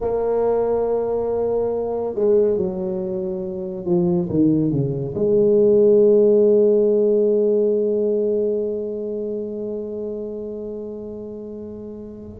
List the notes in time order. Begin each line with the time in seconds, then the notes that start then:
0.00 A#3
2.14 G#3
2.57 F#3
3.85 F3
4.29 D#3
4.71 C#3
5.14 G#3